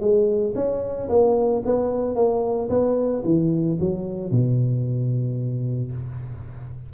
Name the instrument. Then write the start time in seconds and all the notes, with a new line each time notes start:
tuba
0.00 G#3
0.55 C#4
1.09 A#3
1.65 B3
2.15 A#3
2.69 B3
3.24 E3
3.80 F#3
4.31 B2